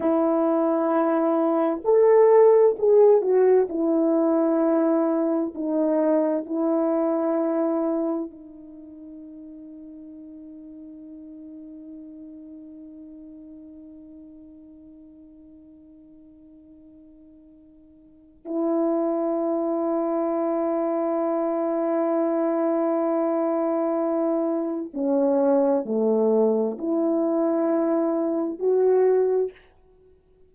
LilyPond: \new Staff \with { instrumentName = "horn" } { \time 4/4 \tempo 4 = 65 e'2 a'4 gis'8 fis'8 | e'2 dis'4 e'4~ | e'4 dis'2.~ | dis'1~ |
dis'1 | e'1~ | e'2. cis'4 | a4 e'2 fis'4 | }